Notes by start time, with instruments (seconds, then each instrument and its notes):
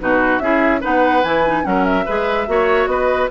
0.00 bassoon B2, clarinet D#4, oboe F#4, flute B4
0.39 bassoon C#4, clarinet E4, oboe G#4, flute E5
0.81 bassoon B3, clarinet D#4, oboe B4, flute F#5
1.23 bassoon E3, clarinet E4, flute G#5
1.46 clarinet D#4
1.63 bassoon F#3, clarinet C#4, oboe A#4, flute F#5
1.85 flute E5
2.06 bassoon G#3, clarinet G#4, oboe B4
2.47 bassoon A#3, clarinet F#4, oboe C#5
2.87 bassoon B3, oboe B4, flute D#5